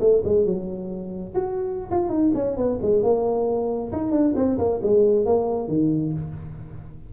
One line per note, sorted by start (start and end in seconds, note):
0.00 0.22 A3
0.24 0.45 G#3
0.45 1.34 F#3
1.35 1.90 F#4
1.91 2.09 F4
2.09 2.32 D#4
2.34 2.57 C#4
2.57 2.79 B3
2.82 3.03 G#3
3.03 3.92 A#3
3.92 4.11 D#4
4.11 4.34 D4
4.36 4.58 C4
4.58 4.80 A#3
4.83 5.26 G#3
5.26 5.68 A#3
5.68 6.13 D#3